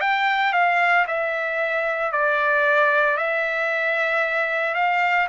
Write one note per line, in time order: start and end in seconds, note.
0.00 0.53 G5
0.53 1.05 F5
1.07 2.12 E5
2.12 3.17 D5
3.17 4.75 E5
4.75 5.27 F5